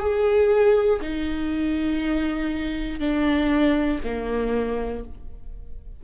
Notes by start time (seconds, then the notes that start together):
0.00 G#4
1.02 D#4
3.00 D4
4.04 A#3